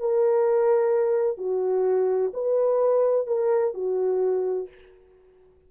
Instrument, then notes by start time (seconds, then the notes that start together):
horn
0.00 A#4
1.38 F#4
2.34 B4
3.27 A#4
3.74 F#4